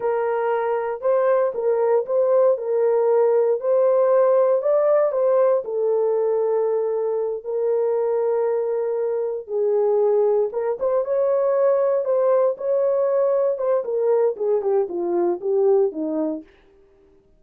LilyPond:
\new Staff \with { instrumentName = "horn" } { \time 4/4 \tempo 4 = 117 ais'2 c''4 ais'4 | c''4 ais'2 c''4~ | c''4 d''4 c''4 a'4~ | a'2~ a'8 ais'4.~ |
ais'2~ ais'8 gis'4.~ | gis'8 ais'8 c''8 cis''2 c''8~ | c''8 cis''2 c''8 ais'4 | gis'8 g'8 f'4 g'4 dis'4 | }